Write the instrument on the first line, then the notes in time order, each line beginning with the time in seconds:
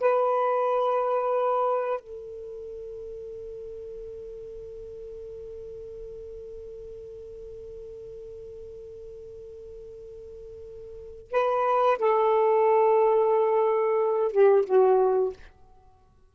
saxophone
0.00 B4
2.00 A4
11.31 B4
11.98 A4
14.31 G4
14.65 F#4